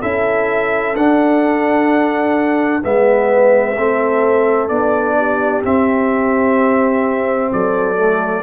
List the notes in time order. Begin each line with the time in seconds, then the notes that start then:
0.00 C#4 E4 A4 E5
0.95 D4 F#5
2.82 G#3 B3 B4 E5
3.76 A3 C4 A4
4.68 B3 D4 D5
5.17 G4
5.62 C4 E5
7.52 F#3 A4 D5
7.96 A3